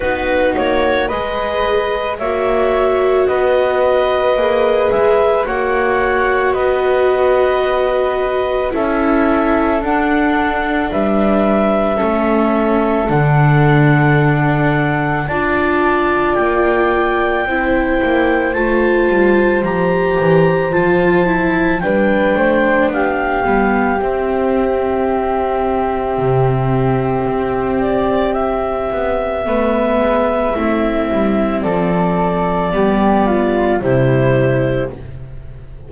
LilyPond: <<
  \new Staff \with { instrumentName = "clarinet" } { \time 4/4 \tempo 4 = 55 b'8 cis''8 dis''4 e''4 dis''4~ | dis''8 e''8 fis''4 dis''2 | e''4 fis''4 e''2 | fis''2 a''4 g''4~ |
g''4 a''4 ais''4 a''4 | g''4 f''4 e''2~ | e''4. d''8 e''2~ | e''4 d''2 c''4 | }
  \new Staff \with { instrumentName = "flute" } { \time 4/4 fis'4 b'4 cis''4 b'4~ | b'4 cis''4 b'2 | a'2 b'4 a'4~ | a'2 d''2 |
c''1 | b'8 c''8 g'2.~ | g'2. b'4 | e'4 a'4 g'8 f'8 e'4 | }
  \new Staff \with { instrumentName = "viola" } { \time 4/4 dis'4 gis'4 fis'2 | gis'4 fis'2. | e'4 d'2 cis'4 | d'2 f'2 |
e'4 f'4 g'4 f'8 e'8 | d'4. b8 c'2~ | c'2. b4 | c'2 b4 g4 | }
  \new Staff \with { instrumentName = "double bass" } { \time 4/4 b8 ais8 gis4 ais4 b4 | ais8 gis8 ais4 b2 | cis'4 d'4 g4 a4 | d2 d'4 ais4 |
c'8 ais8 a8 g8 f8 e8 f4 | g8 a8 b8 g8 c'2 | c4 c'4. b8 a8 gis8 | a8 g8 f4 g4 c4 | }
>>